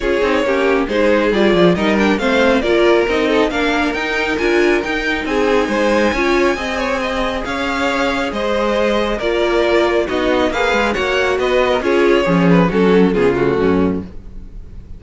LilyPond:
<<
  \new Staff \with { instrumentName = "violin" } { \time 4/4 \tempo 4 = 137 cis''2 c''4 d''4 | dis''8 g''8 f''4 d''4 dis''4 | f''4 g''4 gis''4 g''4 | gis''1~ |
gis''4 f''2 dis''4~ | dis''4 d''2 dis''4 | f''4 fis''4 dis''4 cis''4~ | cis''8 b'8 a'4 gis'8 fis'4. | }
  \new Staff \with { instrumentName = "violin" } { \time 4/4 gis'4 g'4 gis'2 | ais'4 c''4 ais'4. a'8 | ais'1 | gis'4 c''4 cis''4 dis''8 cis''8 |
dis''4 cis''2 c''4~ | c''4 ais'2 fis'4 | b'4 cis''4 b'8. ais'16 gis'4 | cis'4 fis'4 f'4 cis'4 | }
  \new Staff \with { instrumentName = "viola" } { \time 4/4 f'8 dis'8 cis'4 dis'4 f'4 | dis'8 d'8 c'4 f'4 dis'4 | d'4 dis'4 f'4 dis'4~ | dis'2 f'4 gis'4~ |
gis'1~ | gis'4 f'2 dis'4 | gis'4 fis'2 f'4 | gis'4 cis'4 b8 a4. | }
  \new Staff \with { instrumentName = "cello" } { \time 4/4 cis'8 c'8 ais4 gis4 g8 f8 | g4 a4 ais4 c'4 | ais4 dis'4 d'4 dis'4 | c'4 gis4 cis'4 c'4~ |
c'4 cis'2 gis4~ | gis4 ais2 b4 | ais8 gis8 ais4 b4 cis'4 | f4 fis4 cis4 fis,4 | }
>>